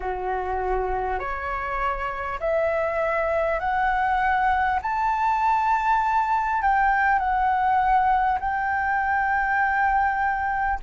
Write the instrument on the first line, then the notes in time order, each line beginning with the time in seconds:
flute
0.00 F#4
1.19 C#5
2.40 E5
3.59 F#5
4.82 A5
6.62 G5
7.18 F#5
8.39 G5